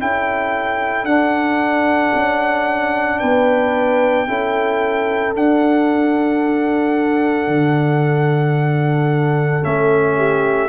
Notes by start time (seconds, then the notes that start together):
0.00 C#4 E4 A4 G5
1.04 D4 F#5
2.15 C#4
3.19 B3 B4 G5
4.27 C#4 E4 A4
5.34 D4 F#5
7.47 D3
9.62 A3 C#4 E5
10.17 G4